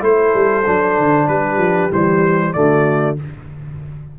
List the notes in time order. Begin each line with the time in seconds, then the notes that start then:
0.00 A3 E4 A4 C5
0.34 G3
0.66 F#3 D4
0.98 D3
1.27 G3 G4 B4
1.57 F3
1.91 E3 G3 C5
2.53 D3 A3 F#4 D5